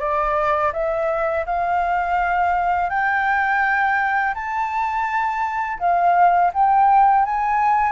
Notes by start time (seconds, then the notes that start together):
0.00 D5
0.73 E5
1.46 F5
2.90 G5
4.35 A5
5.79 F5
6.54 G5
7.26 G#5